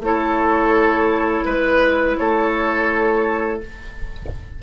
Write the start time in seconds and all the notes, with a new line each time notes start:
0.00 A3 E4 A4 C#5
1.45 G#3 B4
2.18 A3 A4 C#5